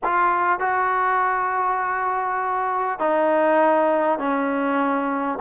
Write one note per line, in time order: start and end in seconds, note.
0.03 0.59 F4
0.59 2.99 F#4
2.99 4.18 D#4
4.18 5.38 C#4